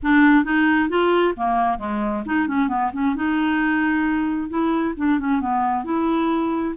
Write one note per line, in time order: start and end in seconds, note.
0.02 0.44 D4
0.44 0.89 D#4
0.89 1.34 F4
1.36 1.78 A#3
1.78 2.23 G#3
2.25 2.47 D#4
2.47 2.68 C#4
2.68 2.91 B3
2.93 3.15 C#4
3.15 4.49 D#4
4.49 4.94 E4
4.96 5.19 D4
5.19 5.41 C#4
5.41 5.84 B3
5.84 6.74 E4